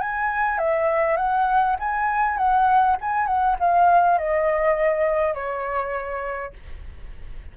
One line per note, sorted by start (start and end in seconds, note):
0.00 0.58 G#5
0.58 1.17 E5
1.17 1.76 F#5
1.79 2.37 G#5
2.37 2.96 F#5
3.01 3.26 G#5
3.26 3.56 F#5
3.59 4.18 F5
4.18 5.34 D#5
5.34 6.53 C#5